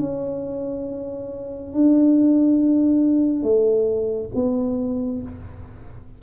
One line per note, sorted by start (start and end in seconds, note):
0.00 1.74 C#4
1.74 3.43 D4
3.43 4.30 A3
4.35 5.22 B3